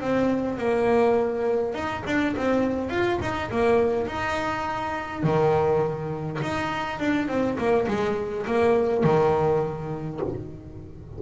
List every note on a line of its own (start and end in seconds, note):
0.00 0.57 C4
0.57 1.74 A#3
1.74 2.03 D#4
2.06 2.35 D4
2.36 2.89 C4
2.89 3.19 F4
3.21 3.50 D#4
3.51 4.07 A#3
4.07 5.23 D#4
5.23 6.39 D#3
6.42 6.99 D#4
6.99 7.28 D4
7.28 7.57 C4
7.58 7.87 A#3
7.87 8.45 G#3
8.46 9.03 A#3
9.03 10.20 D#3